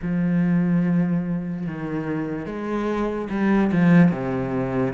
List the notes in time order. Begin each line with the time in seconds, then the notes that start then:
0.01 F3
1.66 D#3
2.46 G#3
3.30 G3
3.71 F3
4.11 C3